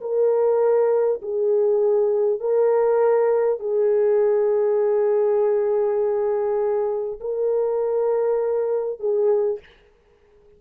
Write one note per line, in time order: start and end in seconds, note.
0.00 1.20 A#4
1.22 2.40 G#4
2.40 3.59 A#4
3.59 7.19 G#4
7.20 8.99 A#4
8.99 9.59 G#4